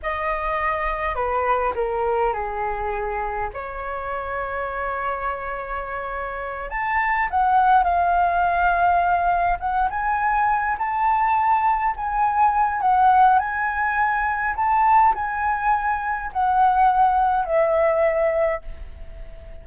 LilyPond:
\new Staff \with { instrumentName = "flute" } { \time 4/4 \tempo 4 = 103 dis''2 b'4 ais'4 | gis'2 cis''2~ | cis''2.~ cis''8 a''8~ | a''8 fis''4 f''2~ f''8~ |
f''8 fis''8 gis''4. a''4.~ | a''8 gis''4. fis''4 gis''4~ | gis''4 a''4 gis''2 | fis''2 e''2 | }